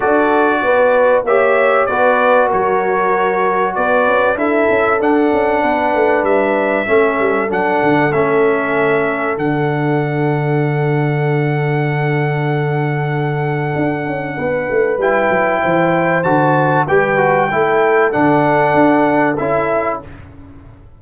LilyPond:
<<
  \new Staff \with { instrumentName = "trumpet" } { \time 4/4 \tempo 4 = 96 d''2 e''4 d''4 | cis''2 d''4 e''4 | fis''2 e''2 | fis''4 e''2 fis''4~ |
fis''1~ | fis''1 | g''2 a''4 g''4~ | g''4 fis''2 e''4 | }
  \new Staff \with { instrumentName = "horn" } { \time 4/4 a'4 b'4 cis''4 b'4 | ais'2 b'4 a'4~ | a'4 b'2 a'4~ | a'1~ |
a'1~ | a'2. b'4~ | b'4 c''2 b'4 | a'1 | }
  \new Staff \with { instrumentName = "trombone" } { \time 4/4 fis'2 g'4 fis'4~ | fis'2. e'4 | d'2. cis'4 | d'4 cis'2 d'4~ |
d'1~ | d'1 | e'2 fis'4 g'8 fis'8 | e'4 d'2 e'4 | }
  \new Staff \with { instrumentName = "tuba" } { \time 4/4 d'4 b4 ais4 b4 | fis2 b8 cis'8 d'8 cis'8 | d'8 cis'8 b8 a8 g4 a8 g8 | fis8 d8 a2 d4~ |
d1~ | d2 d'8 cis'8 b8 a8 | g8 fis8 e4 d4 g4 | a4 d4 d'4 cis'4 | }
>>